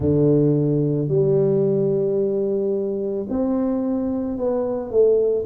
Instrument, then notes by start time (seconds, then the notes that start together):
tuba
0.00 D3
1.08 G3
3.29 C4
4.37 B3
4.90 A3